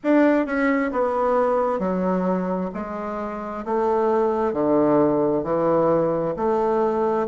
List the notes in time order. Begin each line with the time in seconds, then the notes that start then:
0.03 D4
0.45 C#4
0.92 B3
1.79 F#3
2.74 G#3
3.65 A3
4.52 D3
5.43 E3
6.36 A3